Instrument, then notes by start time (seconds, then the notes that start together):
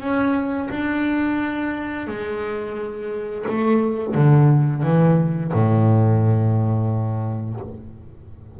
double bass
0.00 C#4
0.70 D4
2.07 G#3
3.48 A3
4.14 D3
4.83 E3
5.53 A2